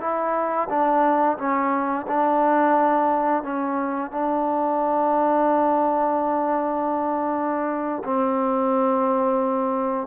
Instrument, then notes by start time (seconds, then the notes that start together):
trombone
0.00 E4
0.69 D4
1.38 C#4
2.07 D4
3.43 C#4
4.11 D4
8.04 C4